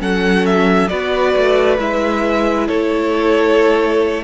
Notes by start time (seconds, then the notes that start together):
0.00 F#3 C#4 A4 F#5
0.46 E5
0.88 B3 F#4 B4 D5
1.37 A3
1.79 G#3 E4 E5
2.68 A3 A4 C#5